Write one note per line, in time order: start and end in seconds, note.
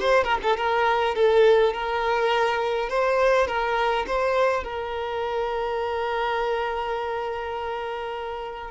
0.00 0.24 C5
0.24 0.38 A#4
0.43 0.57 A4
0.57 1.15 A#4
1.15 1.73 A4
1.73 2.89 A#4
2.89 3.47 C5
3.47 4.06 A#4
4.07 4.64 C5
4.64 8.71 A#4